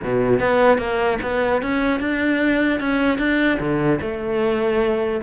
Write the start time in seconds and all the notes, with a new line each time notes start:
0.03 B2
0.39 B3
0.77 A#3
1.22 B3
1.62 C#4
1.99 D4
2.80 C#4
3.18 D4
3.59 D3
4.01 A3